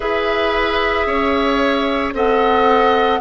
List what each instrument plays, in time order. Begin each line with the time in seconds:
0.00 bassoon E4, clarinet G#4, oboe B4, flute E5
1.06 bassoon C#4, oboe C#5
2.13 bassoon C4, clarinet A4, oboe D#5, flute F#5